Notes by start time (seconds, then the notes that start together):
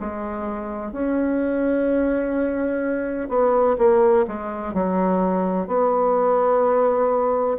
0.00 G#3
0.92 C#4
3.29 B3
3.78 A#3
4.27 G#3
4.74 F#3
5.67 B3